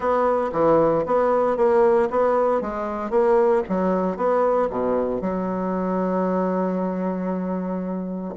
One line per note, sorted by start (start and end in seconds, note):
0.00 0.51 B3
0.52 1.04 E3
1.06 1.56 B3
1.56 2.08 A#3
2.10 2.61 B3
2.61 3.10 G#3
3.10 3.62 A#3
3.69 4.16 F#3
4.16 4.68 B3
4.70 5.21 B2
5.21 8.34 F#3